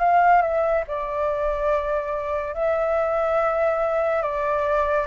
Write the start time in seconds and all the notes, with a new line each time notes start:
0.00 F5
0.42 E5
0.88 D5
2.55 E5
4.23 D5